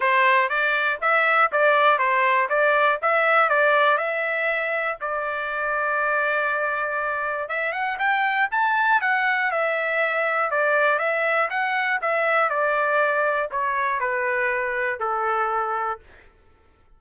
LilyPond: \new Staff \with { instrumentName = "trumpet" } { \time 4/4 \tempo 4 = 120 c''4 d''4 e''4 d''4 | c''4 d''4 e''4 d''4 | e''2 d''2~ | d''2. e''8 fis''8 |
g''4 a''4 fis''4 e''4~ | e''4 d''4 e''4 fis''4 | e''4 d''2 cis''4 | b'2 a'2 | }